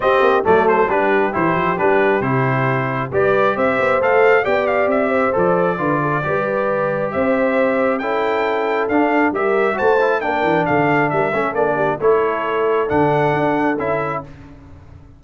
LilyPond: <<
  \new Staff \with { instrumentName = "trumpet" } { \time 4/4 \tempo 4 = 135 dis''4 d''8 c''8 b'4 c''4 | b'4 c''2 d''4 | e''4 f''4 g''8 f''8 e''4 | d''1 |
e''2 g''2 | f''4 e''4 a''4 g''4 | f''4 e''4 d''4 cis''4~ | cis''4 fis''2 e''4 | }
  \new Staff \with { instrumentName = "horn" } { \time 4/4 g'4 a'4 g'2~ | g'2. b'4 | c''2 d''4. c''8~ | c''4 b'8 a'8 b'2 |
c''2 a'2~ | a'4 ais'4 c''4 ais'4 | a'4 ais'8 a'4 g'8 a'4~ | a'1 | }
  \new Staff \with { instrumentName = "trombone" } { \time 4/4 c'4 a4 d'4 e'4 | d'4 e'2 g'4~ | g'4 a'4 g'2 | a'4 f'4 g'2~ |
g'2 e'2 | d'4 g'4 fis'8 e'8 d'4~ | d'4. cis'8 d'4 e'4~ | e'4 d'2 e'4 | }
  \new Staff \with { instrumentName = "tuba" } { \time 4/4 c'8 ais8 fis4 g4 e8 f8 | g4 c2 g4 | c'8 b8 a4 b4 c'4 | f4 d4 g2 |
c'2 cis'2 | d'4 g4 a4 ais8 e8 | d4 g8 a8 ais4 a4~ | a4 d4 d'4 cis'4 | }
>>